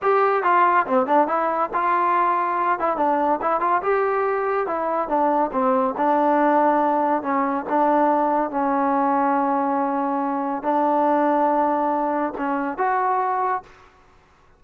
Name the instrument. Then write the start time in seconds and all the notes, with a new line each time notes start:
trombone
0.01 G4
0.43 F4
0.86 C4
1.06 D4
1.27 E4
1.73 F4
2.79 E4
2.97 D4
3.41 E4
3.60 F4
3.82 G4
4.67 E4
5.08 D4
5.52 C4
5.97 D4
7.22 C#4
7.69 D4
8.50 C#4
10.63 D4
12.37 C#4
12.77 F#4